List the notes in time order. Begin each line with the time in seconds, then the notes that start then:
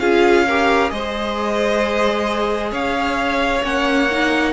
0.00 C#4 F4 G#4 F5
0.47 G4 A#4
0.89 G#3 G#4 C5 D#5
2.72 C#4 C#5 F5
3.63 A#3 C#4 F#5
4.12 D#4